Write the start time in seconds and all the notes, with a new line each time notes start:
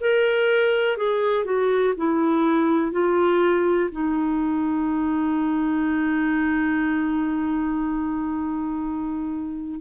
0.00 A#4
0.97 G#4
1.44 F#4
1.97 E4
2.92 F4
3.91 D#4